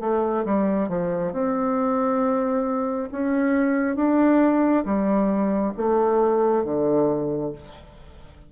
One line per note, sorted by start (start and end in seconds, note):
0.00 0.44 A3
0.45 0.88 G3
0.88 1.32 F3
1.32 3.09 C4
3.12 3.95 C#4
3.95 4.84 D4
4.85 5.73 G3
5.77 6.64 A3
6.64 7.52 D3